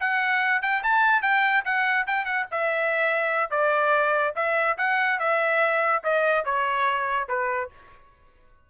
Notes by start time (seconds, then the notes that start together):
0.00 F#5
0.62 G5
0.83 A5
1.22 G5
1.65 F#5
2.07 G5
2.25 F#5
2.51 E5
3.51 D5
4.35 E5
4.77 F#5
5.19 E5
6.04 D#5
6.45 C#5
7.28 B4